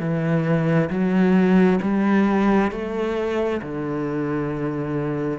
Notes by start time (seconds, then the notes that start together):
0.00 E3
0.90 F#3
1.82 G3
2.72 A3
3.62 D3